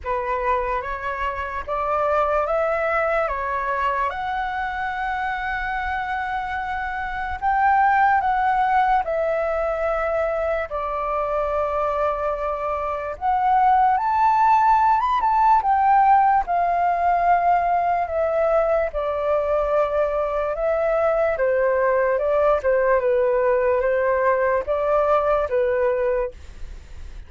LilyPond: \new Staff \with { instrumentName = "flute" } { \time 4/4 \tempo 4 = 73 b'4 cis''4 d''4 e''4 | cis''4 fis''2.~ | fis''4 g''4 fis''4 e''4~ | e''4 d''2. |
fis''4 a''4~ a''16 b''16 a''8 g''4 | f''2 e''4 d''4~ | d''4 e''4 c''4 d''8 c''8 | b'4 c''4 d''4 b'4 | }